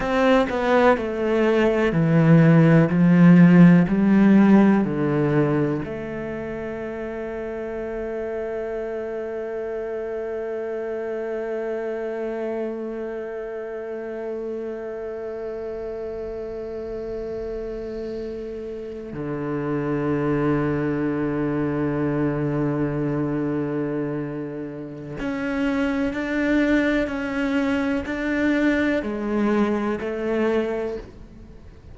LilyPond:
\new Staff \with { instrumentName = "cello" } { \time 4/4 \tempo 4 = 62 c'8 b8 a4 e4 f4 | g4 d4 a2~ | a1~ | a1~ |
a2.~ a8. d16~ | d1~ | d2 cis'4 d'4 | cis'4 d'4 gis4 a4 | }